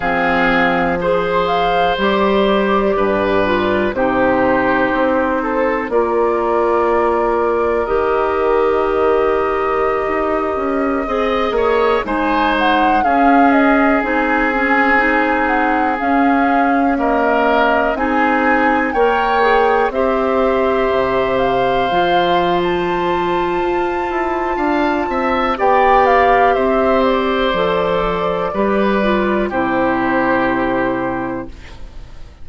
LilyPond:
<<
  \new Staff \with { instrumentName = "flute" } { \time 4/4 \tempo 4 = 61 f''4 c''8 f''8 d''2 | c''2 d''2 | dis''1~ | dis''16 gis''8 fis''8 f''8 dis''8 gis''4. fis''16~ |
fis''16 f''4 dis''4 gis''4 g''8.~ | g''16 e''4. f''4~ f''16 a''4~ | a''2 g''8 f''8 e''8 d''8~ | d''2 c''2 | }
  \new Staff \with { instrumentName = "oboe" } { \time 4/4 gis'4 c''2 b'4 | g'4. a'8 ais'2~ | ais'2.~ ais'16 dis''8 cis''16~ | cis''16 c''4 gis'2~ gis'8.~ |
gis'4~ gis'16 ais'4 gis'4 cis''8.~ | cis''16 c''2.~ c''8.~ | c''4 f''8 e''8 d''4 c''4~ | c''4 b'4 g'2 | }
  \new Staff \with { instrumentName = "clarinet" } { \time 4/4 c'4 gis'4 g'4. f'8 | dis'2 f'2 | g'2.~ g'16 gis'8.~ | gis'16 dis'4 cis'4 dis'8 cis'8 dis'8.~ |
dis'16 cis'4 ais4 dis'4 ais'8 gis'16~ | gis'16 g'2 f'4.~ f'16~ | f'2 g'2 | a'4 g'8 f'8 e'2 | }
  \new Staff \with { instrumentName = "bassoon" } { \time 4/4 f2 g4 g,4 | c4 c'4 ais2 | dis2~ dis16 dis'8 cis'8 c'8 ais16~ | ais16 gis4 cis'4 c'4.~ c'16~ |
c'16 cis'2 c'4 ais8.~ | ais16 c'4 c4 f4.~ f16 | f'8 e'8 d'8 c'8 b4 c'4 | f4 g4 c2 | }
>>